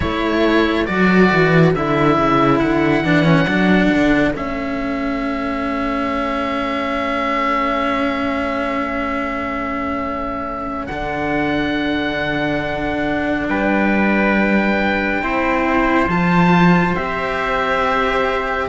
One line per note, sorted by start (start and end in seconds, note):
0.00 0.88 A3
0.00 0.85 E4
0.00 13.48 A4
0.00 0.86 C#5
0.86 1.31 F#3
0.86 1.74 F#4
0.86 1.72 D5
1.32 1.75 E3
1.74 2.18 D3
1.74 3.04 E4
1.74 2.59 E5
2.18 2.61 C#3
2.59 3.02 D3
2.59 4.32 F#5
3.02 3.46 E3
3.02 3.24 D4
3.24 3.46 C#4
3.46 3.90 F#3
3.46 4.34 D4
3.94 4.36 D3
4.35 10.88 A3
4.35 10.87 C#4
4.35 10.86 E5
10.86 13.48 D3
10.86 15.22 D4
10.86 13.47 F#5
13.48 15.22 G3
13.48 15.23 B4
13.48 16.09 G5
15.22 16.07 C4
15.22 16.09 E4
15.22 18.68 C5
16.07 16.94 F3
16.07 16.96 F4
16.07 16.95 A5
16.95 18.68 C4
16.95 18.68 G4
16.95 18.68 E5